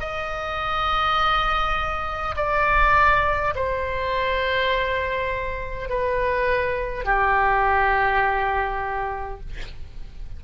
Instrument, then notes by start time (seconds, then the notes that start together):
oboe
0.00 D#5
2.36 D5
3.56 C5
5.89 B4
7.05 G4